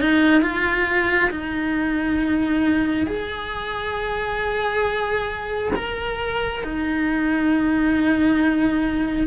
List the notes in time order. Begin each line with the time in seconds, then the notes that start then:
0.00 D#4
0.42 F4
1.30 D#4
3.06 G#4
5.76 A#4
6.63 D#4